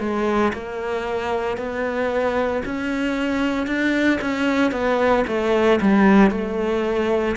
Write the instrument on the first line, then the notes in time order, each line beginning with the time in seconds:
cello
0.00 G#3
0.54 A#3
1.58 B3
2.66 C#4
3.67 D4
4.22 C#4
4.72 B3
5.27 A3
5.81 G3
6.31 A3